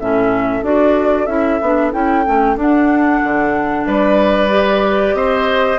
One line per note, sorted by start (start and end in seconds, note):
0.00 0.63 A2
0.00 0.63 C#4
0.00 3.87 A4
0.00 0.65 E5
0.63 1.27 D4
0.63 1.28 F#4
0.63 1.26 D5
1.26 1.59 C#4
1.26 1.60 E4
1.26 1.91 E5
1.61 1.93 B3
1.61 1.92 D4
1.92 2.25 C#4
1.92 2.24 E4
1.92 2.58 G5
2.26 2.56 A3
2.26 2.56 C#4
2.56 3.20 D4
2.56 4.50 D4
2.56 3.87 F#5
3.24 3.87 D3
3.87 5.14 G3
3.87 5.16 B4
3.87 5.15 D5
4.50 5.79 G4
5.14 5.78 C4
5.14 5.79 C5
5.14 5.79 D#5